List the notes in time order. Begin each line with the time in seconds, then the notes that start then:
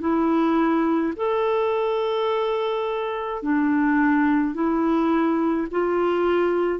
0.00 E4
1.16 A4
3.43 D4
4.54 E4
5.71 F4